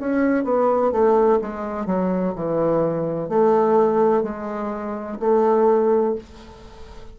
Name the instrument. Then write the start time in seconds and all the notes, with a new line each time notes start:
bassoon
0.00 C#4
0.45 B3
0.92 A3
1.42 G#3
1.87 F#3
2.35 E3
3.29 A3
4.23 G#3
5.20 A3